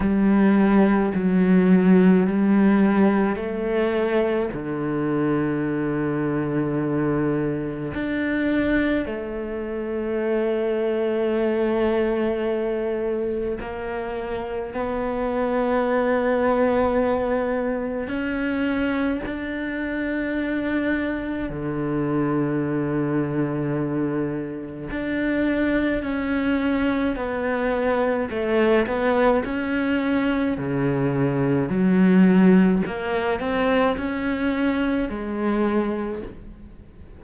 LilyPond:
\new Staff \with { instrumentName = "cello" } { \time 4/4 \tempo 4 = 53 g4 fis4 g4 a4 | d2. d'4 | a1 | ais4 b2. |
cis'4 d'2 d4~ | d2 d'4 cis'4 | b4 a8 b8 cis'4 cis4 | fis4 ais8 c'8 cis'4 gis4 | }